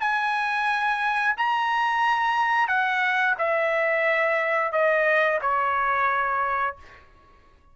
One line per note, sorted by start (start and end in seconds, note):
0.00 1.35 G#5
1.37 2.68 A#5
2.68 3.35 F#5
3.38 4.72 E5
4.72 5.39 D#5
5.41 6.76 C#5